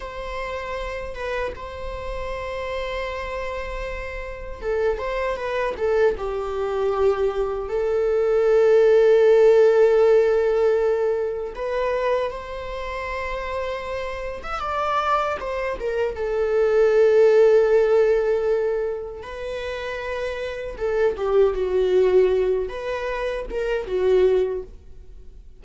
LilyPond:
\new Staff \with { instrumentName = "viola" } { \time 4/4 \tempo 4 = 78 c''4. b'8 c''2~ | c''2 a'8 c''8 b'8 a'8 | g'2 a'2~ | a'2. b'4 |
c''2~ c''8. e''16 d''4 | c''8 ais'8 a'2.~ | a'4 b'2 a'8 g'8 | fis'4. b'4 ais'8 fis'4 | }